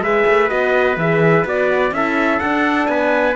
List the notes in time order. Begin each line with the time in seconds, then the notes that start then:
0.00 G#3 G#4 B4 E5
0.27 A3
0.48 B3 F#4 D#5
0.97 E3 G#4 E5
1.45 B3 F#4 D5
1.91 C#4 E4 A4 E5
2.39 D4 F#5
2.87 B3 B4 G#5